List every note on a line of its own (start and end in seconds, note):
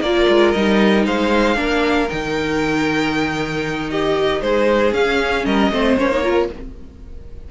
0.00 0.26 A#3
0.00 0.55 F4
0.00 1.05 A#4
0.00 0.51 D5
0.28 0.54 G#3
0.51 1.05 G3
0.51 1.55 D#4
0.51 1.03 D#5
1.05 1.56 G#3
1.05 1.57 C5
1.05 2.09 F5
1.55 2.08 A#3
1.55 2.07 D4
1.55 3.90 A#4
2.09 4.41 D#3
2.09 4.93 D#4
2.09 3.90 G5
3.90 4.42 G4
3.90 4.41 D#5
4.41 4.92 G#3
4.41 5.45 G#4
4.41 4.93 C5
4.92 5.44 C#4
4.92 5.72 C#4
4.92 5.45 F5
5.45 5.71 G3
5.45 5.71 A#4
5.45 5.97 D#5
5.71 5.97 A3
5.71 5.98 C4
5.71 6.23 C5
5.98 6.49 A#3
5.98 6.11 C#4
5.98 6.50 C#5
6.11 6.23 D#4
6.23 6.49 F4
6.23 6.48 A#4